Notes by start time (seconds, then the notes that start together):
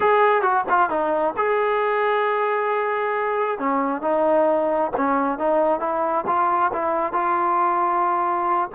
0.00 G#4
0.42 F#4
0.69 F4
0.89 D#4
1.36 G#4
3.58 C#4
4.01 D#4
4.97 C#4
5.38 D#4
5.80 E4
6.26 F4
6.72 E4
7.12 F4